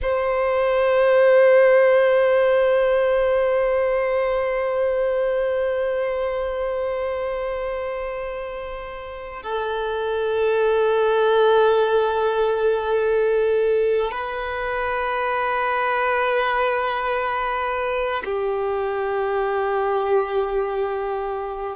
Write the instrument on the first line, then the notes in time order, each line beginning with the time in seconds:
violin
0.02 C5
9.42 A4
14.11 B4
18.24 G4